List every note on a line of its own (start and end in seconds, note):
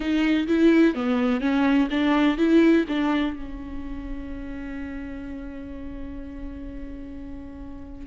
0.00 0.47 D#4
0.47 0.94 E4
0.94 1.40 B3
1.40 1.88 C#4
1.90 2.37 D4
2.37 2.85 E4
2.88 3.35 D4
3.35 8.06 C#4